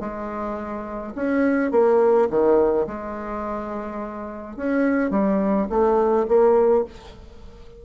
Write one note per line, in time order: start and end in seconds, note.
0.00 1.13 G#3
1.15 1.71 C#4
1.71 2.28 A#3
2.30 2.86 D#3
2.87 4.56 G#3
4.56 5.10 C#4
5.10 5.67 G3
5.70 6.26 A3
6.28 6.84 A#3